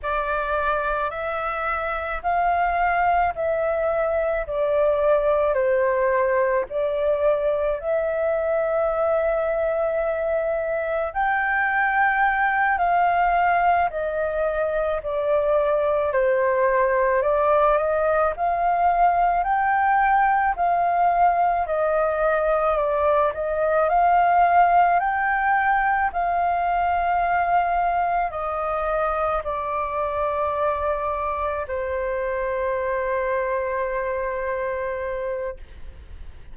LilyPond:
\new Staff \with { instrumentName = "flute" } { \time 4/4 \tempo 4 = 54 d''4 e''4 f''4 e''4 | d''4 c''4 d''4 e''4~ | e''2 g''4. f''8~ | f''8 dis''4 d''4 c''4 d''8 |
dis''8 f''4 g''4 f''4 dis''8~ | dis''8 d''8 dis''8 f''4 g''4 f''8~ | f''4. dis''4 d''4.~ | d''8 c''2.~ c''8 | }